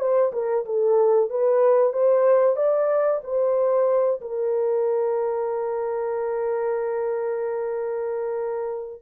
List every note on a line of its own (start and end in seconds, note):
0.00 0.32 C5
0.33 0.65 A#4
0.66 1.30 A4
1.30 1.93 B4
1.93 2.57 C5
2.57 3.21 D5
3.24 4.21 C5
4.21 9.02 A#4